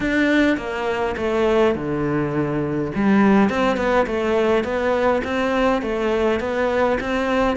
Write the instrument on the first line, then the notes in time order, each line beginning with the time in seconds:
cello
0.00 D4
0.57 A#3
1.17 A3
1.75 D3
2.95 G3
3.49 C4
3.77 B3
4.06 A3
4.63 B3
5.23 C4
5.81 A3
6.39 B3
7.00 C4